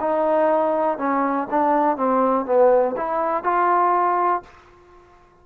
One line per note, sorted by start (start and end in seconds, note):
0.00 0.98 D#4
0.98 1.48 C#4
1.51 1.97 D4
1.97 2.46 C4
2.46 2.95 B3
2.97 3.44 E4
3.44 4.43 F4